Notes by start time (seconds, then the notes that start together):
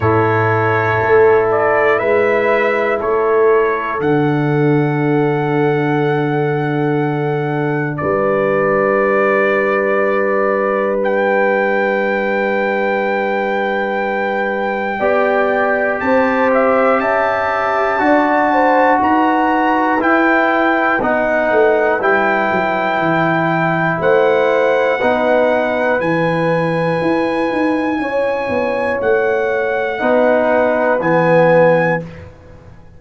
0.00 A2 E4 A4 C#5
1.00 A3
1.51 D5
1.98 G#3 B4 E5
3.00 A3 A4 C#5
3.99 D3 D4 F#5
7.96 B4 D5
8.03 G3
11.03 G5
14.99 B3 G4 D5
16.00 C4 C5 A5
16.53 E5
17.00 C#4 E5 A5
17.99 D4 F#4 D5
18.53 C5
19.00 D#4 B4 A#5
19.99 E4 G5
21.01 B3 D#4 F#5
21.50 A3
22.00 G3 E4 G5
22.51 F#3
22.98 E3
24.00 A3 C5 F#5
24.98 B3 D#4 B4
25.99 E3 E4 G#5
27.01 E4
27.52 D#4
27.98 C#4 C#5
28.49 B3
29.01 A3 F#5
29.99 B3 D#4 B4
30.99 E3 B3 G#5